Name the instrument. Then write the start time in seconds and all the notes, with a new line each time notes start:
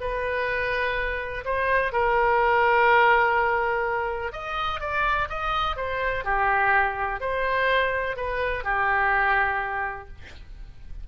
oboe
0.00 B4
1.44 C5
1.92 A#4
4.32 D#5
4.80 D5
5.29 D#5
5.76 C5
6.24 G4
7.20 C5
8.16 B4
8.64 G4